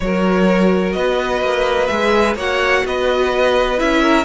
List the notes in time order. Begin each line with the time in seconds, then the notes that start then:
0.00 F#3 F#4 A#4 C#5
0.92 B3 B4 D#5
1.41 A#3
1.86 G#3 G#4 E5
2.35 A#3 F#4 C#5 F#5
2.85 B3 B4 D#5
3.78 C#4 E4 E5
4.01 A#4